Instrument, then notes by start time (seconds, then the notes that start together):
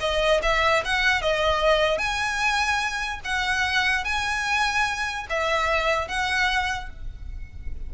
violin
0.00 D#5
0.43 E5
0.85 F#5
1.22 D#5
1.98 G#5
3.24 F#5
4.05 G#5
5.30 E5
6.08 F#5